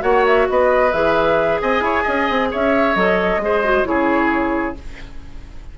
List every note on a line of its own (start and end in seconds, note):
0.00 0.48 A#3
0.00 0.90 F#4
0.00 0.47 C#5
0.00 0.25 F#5
0.26 0.49 E5
0.50 0.93 B3
0.50 1.62 B4
0.50 0.92 D#5
0.92 1.61 E3
0.92 2.96 G#4
0.92 1.60 E5
1.61 1.81 C4
1.61 1.84 D#5
1.61 2.52 G#5
1.81 2.03 E4
1.81 2.03 C#5
2.03 2.30 C#4
2.03 2.49 D#5
2.30 2.52 C4
2.51 2.96 C#4
2.51 3.42 C#5
2.51 2.96 E5
2.96 3.37 F#3
2.96 3.41 A4
2.96 3.86 D#5
3.37 3.82 G#3
3.37 3.64 G#4
3.45 3.88 C5
3.64 3.84 F#4
3.84 4.77 C#3
3.84 4.75 E4
3.84 4.79 G#4
3.84 4.76 C#5